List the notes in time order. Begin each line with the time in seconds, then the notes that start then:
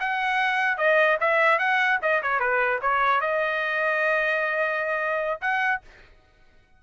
0.00 F#5
0.78 D#5
1.21 E5
1.59 F#5
2.02 D#5
2.22 C#5
2.39 B4
2.81 C#5
3.21 D#5
5.41 F#5